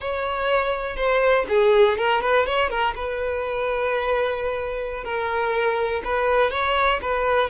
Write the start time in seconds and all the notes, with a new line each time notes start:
0.00 C#5
0.96 C5
1.48 G#4
1.97 A#4
2.21 B4
2.46 C#5
2.69 A#4
2.95 B4
5.04 A#4
6.04 B4
6.51 C#5
7.01 B4